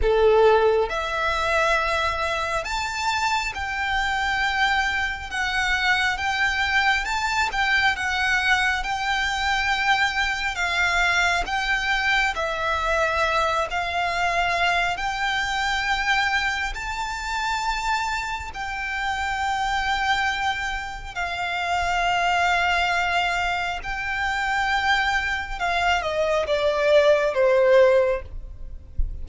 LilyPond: \new Staff \with { instrumentName = "violin" } { \time 4/4 \tempo 4 = 68 a'4 e''2 a''4 | g''2 fis''4 g''4 | a''8 g''8 fis''4 g''2 | f''4 g''4 e''4. f''8~ |
f''4 g''2 a''4~ | a''4 g''2. | f''2. g''4~ | g''4 f''8 dis''8 d''4 c''4 | }